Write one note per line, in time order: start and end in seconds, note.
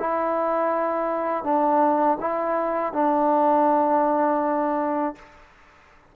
0.00 1.44 E4
1.44 2.18 D4
2.21 2.94 E4
2.94 5.16 D4